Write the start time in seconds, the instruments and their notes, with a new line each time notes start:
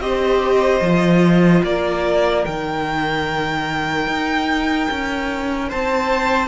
0.00 cello C4, viola G4, violin C5 D#5
0.81 cello F3, viola F4
1.64 cello A#3, violin A#4 D5
2.46 cello D#3, viola D#4, violin G5
4.07 cello D#4
4.91 cello C#4
5.69 cello C4, violin C5 A5